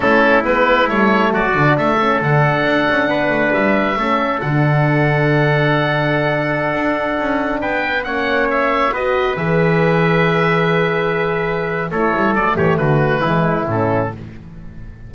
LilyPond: <<
  \new Staff \with { instrumentName = "oboe" } { \time 4/4 \tempo 4 = 136 a'4 b'4 cis''4 d''4 | e''4 fis''2. | e''2 fis''2~ | fis''1~ |
fis''4~ fis''16 g''4 fis''4 e''8.~ | e''16 dis''4 e''2~ e''8.~ | e''2. cis''4 | d''8 cis''8 b'2 a'4 | }
  \new Staff \with { instrumentName = "trumpet" } { \time 4/4 e'2. fis'4 | a'2. b'4~ | b'4 a'2.~ | a'1~ |
a'4~ a'16 b'4 cis''4.~ cis''16~ | cis''16 b'2.~ b'8.~ | b'2. a'4~ | a'8 g'8 fis'4 e'2 | }
  \new Staff \with { instrumentName = "horn" } { \time 4/4 cis'4 b4 a4. d'8~ | d'8 cis'8 d'2.~ | d'4 cis'4 d'2~ | d'1~ |
d'2~ d'16 cis'4.~ cis'16~ | cis'16 fis'4 gis'2~ gis'8.~ | gis'2. e'4 | a2 gis4 cis'4 | }
  \new Staff \with { instrumentName = "double bass" } { \time 4/4 a4 gis4 g4 fis8 d8 | a4 d4 d'8 cis'8 b8 a8 | g4 a4 d2~ | d2.~ d16 d'8.~ |
d'16 cis'4 b4 ais4.~ ais16~ | ais16 b4 e2~ e8.~ | e2. a8 g8 | fis8 e8 d4 e4 a,4 | }
>>